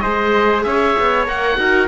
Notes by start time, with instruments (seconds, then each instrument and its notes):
0.00 viola G#4, trumpet C5, oboe D#5
0.06 cello G#3
0.64 cello C#4, trumpet C#5, oboe E5
0.99 cello B3
1.26 cello A#3, viola A#4, oboe F#5
1.57 cello D#4, viola F#4, trumpet A#4